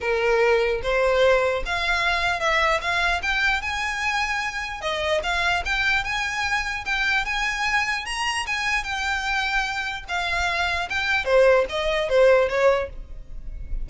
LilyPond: \new Staff \with { instrumentName = "violin" } { \time 4/4 \tempo 4 = 149 ais'2 c''2 | f''2 e''4 f''4 | g''4 gis''2. | dis''4 f''4 g''4 gis''4~ |
gis''4 g''4 gis''2 | ais''4 gis''4 g''2~ | g''4 f''2 g''4 | c''4 dis''4 c''4 cis''4 | }